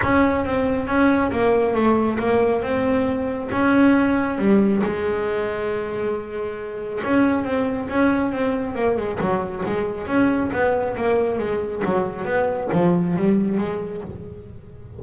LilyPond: \new Staff \with { instrumentName = "double bass" } { \time 4/4 \tempo 4 = 137 cis'4 c'4 cis'4 ais4 | a4 ais4 c'2 | cis'2 g4 gis4~ | gis1 |
cis'4 c'4 cis'4 c'4 | ais8 gis8 fis4 gis4 cis'4 | b4 ais4 gis4 fis4 | b4 f4 g4 gis4 | }